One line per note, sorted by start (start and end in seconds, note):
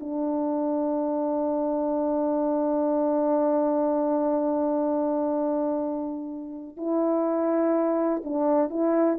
0.00 6.77 D4
6.77 8.22 E4
8.24 8.70 D4
8.70 9.18 E4